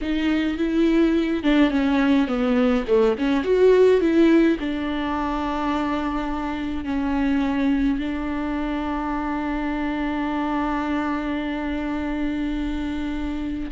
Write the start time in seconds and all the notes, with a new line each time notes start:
0.01 D#4
0.57 E4
1.43 D4
1.70 C#4
2.27 B3
2.87 A3
3.17 C#4
3.43 F#4
4.00 E4
4.59 D4
6.84 C#4
7.98 D4